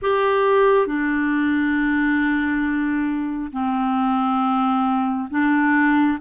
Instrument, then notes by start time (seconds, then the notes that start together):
clarinet
0.02 G4
0.86 D4
3.52 C4
5.30 D4